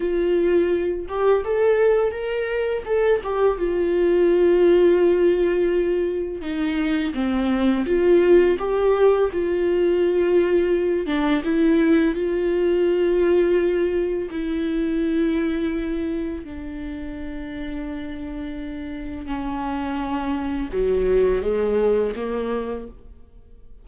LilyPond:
\new Staff \with { instrumentName = "viola" } { \time 4/4 \tempo 4 = 84 f'4. g'8 a'4 ais'4 | a'8 g'8 f'2.~ | f'4 dis'4 c'4 f'4 | g'4 f'2~ f'8 d'8 |
e'4 f'2. | e'2. d'4~ | d'2. cis'4~ | cis'4 fis4 gis4 ais4 | }